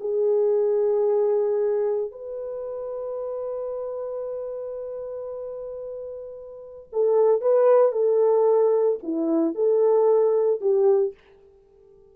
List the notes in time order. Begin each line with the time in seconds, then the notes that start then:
0.00 G#4
2.11 B4
6.92 A4
7.41 B4
7.92 A4
9.03 E4
9.55 A4
10.61 G4